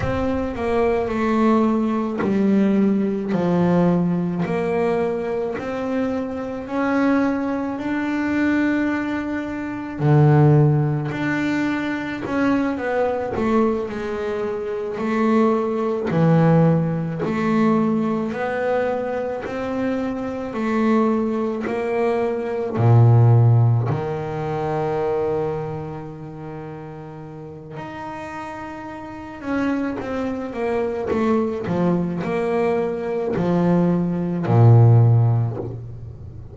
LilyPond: \new Staff \with { instrumentName = "double bass" } { \time 4/4 \tempo 4 = 54 c'8 ais8 a4 g4 f4 | ais4 c'4 cis'4 d'4~ | d'4 d4 d'4 cis'8 b8 | a8 gis4 a4 e4 a8~ |
a8 b4 c'4 a4 ais8~ | ais8 ais,4 dis2~ dis8~ | dis4 dis'4. cis'8 c'8 ais8 | a8 f8 ais4 f4 ais,4 | }